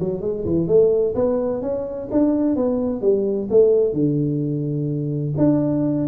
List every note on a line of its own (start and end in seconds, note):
0.00 0.21 F#3
0.21 0.45 G#3
0.45 0.68 E3
0.68 1.15 A3
1.15 1.62 B3
1.62 2.09 C#4
2.12 2.56 D4
2.56 3.02 B3
3.02 3.49 G3
3.50 3.93 A3
3.93 5.34 D3
5.38 6.08 D4